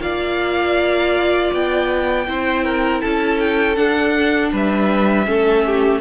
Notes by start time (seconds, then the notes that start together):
0.00 A#3 F4 D5 F5
1.53 B3 G5
2.27 C4 E4 C5
2.64 A#4
3.00 C#4 A4 A5
3.39 G5
3.76 D4 F#5
4.52 G3 B4 E5
5.25 A3 C#4 A4
5.66 G4